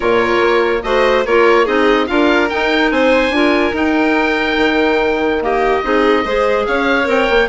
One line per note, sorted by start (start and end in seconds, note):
0.00 0.40 A#2
0.00 0.81 F4
0.00 0.82 A#4
0.00 0.82 C#5
0.40 0.82 A#3
0.82 1.25 A3
0.82 1.25 F#4
0.82 1.26 C5
0.82 1.24 D#5
1.25 1.67 A#3
1.25 1.66 F4
1.25 1.64 A#4
1.25 1.66 C#5
1.64 2.08 C4
1.64 2.06 D#4
1.64 2.06 G#4
1.64 2.07 D#5
2.06 2.50 D4
2.06 2.48 F4
2.06 2.93 A#4
2.06 2.48 F5
2.49 3.32 D#4
2.49 2.91 D#4
2.49 2.90 G5
2.91 3.30 C4
2.91 3.34 C5
2.91 3.75 G#5
3.30 3.71 D4
3.30 3.73 F4
3.30 5.43 A#4
3.72 4.56 D#4
3.72 5.40 D#4
3.72 5.43 G5
4.56 5.81 D#3
5.40 5.82 A#3
5.40 5.85 G4
5.40 6.66 D#5
5.82 6.25 C4
5.82 6.24 D#4
5.82 6.24 G#4
6.24 6.66 G#3
6.24 7.03 G#4
6.24 6.66 C5
6.66 7.07 C#4
6.66 7.48 C#5
6.66 7.07 F5
7.03 7.28 C4
7.03 7.45 A#4
7.03 7.48 G5
7.29 7.48 A#3